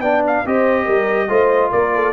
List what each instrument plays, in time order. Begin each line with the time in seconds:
0.00 tuba B3, trombone D4, horn D5, trumpet G5
0.27 trumpet F5
0.45 tuba C4, trombone G4, horn C5, trumpet D#5
0.85 tuba G3, horn A#4
1.29 tuba A3, trombone F4, horn C5
1.71 tuba A#3, horn A#4, trumpet D5
1.95 horn A4